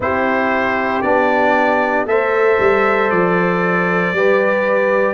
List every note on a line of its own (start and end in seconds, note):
0.00 1.02 C4
0.00 1.03 E4
0.00 2.09 G4
0.00 1.02 C5
1.02 2.05 B3
1.02 2.06 D4
1.02 2.05 D5
2.05 2.57 A3
2.05 4.13 A4
2.05 4.16 C5
2.05 3.10 E5
2.59 3.11 G3
3.10 4.12 F3
3.10 5.14 D5
4.12 5.14 G3
4.12 5.14 G4
4.12 5.14 B4